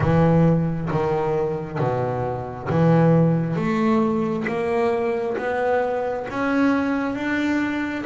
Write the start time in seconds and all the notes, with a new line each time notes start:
0.00 E3
0.90 D#3
1.78 B2
2.69 E3
3.56 A3
4.47 A#3
5.37 B3
6.29 C#4
7.15 D4